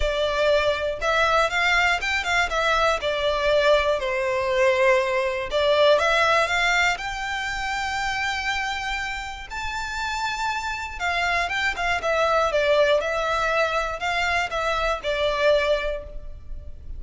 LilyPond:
\new Staff \with { instrumentName = "violin" } { \time 4/4 \tempo 4 = 120 d''2 e''4 f''4 | g''8 f''8 e''4 d''2 | c''2. d''4 | e''4 f''4 g''2~ |
g''2. a''4~ | a''2 f''4 g''8 f''8 | e''4 d''4 e''2 | f''4 e''4 d''2 | }